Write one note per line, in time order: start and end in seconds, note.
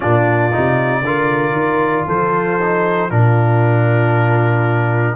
0.00 0.55 A#2
0.00 0.51 D4
0.00 1.01 F4
0.00 2.06 D5
0.51 1.02 C3
0.51 1.03 D#4
1.02 1.52 D3
1.02 2.60 F4
1.02 2.07 A#4
1.52 2.03 D#3
2.07 3.10 F3
2.07 3.10 A4
2.07 3.10 C5
2.60 3.09 D#4
3.09 5.16 A#2
3.09 5.16 D4
3.09 5.16 F4
3.09 5.16 A#4